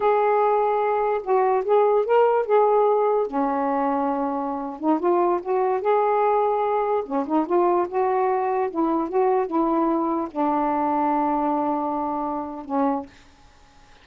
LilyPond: \new Staff \with { instrumentName = "saxophone" } { \time 4/4 \tempo 4 = 147 gis'2. fis'4 | gis'4 ais'4 gis'2 | cis'2.~ cis'8. dis'16~ | dis'16 f'4 fis'4 gis'4.~ gis'16~ |
gis'4~ gis'16 cis'8 dis'8 f'4 fis'8.~ | fis'4~ fis'16 e'4 fis'4 e'8.~ | e'4~ e'16 d'2~ d'8.~ | d'2. cis'4 | }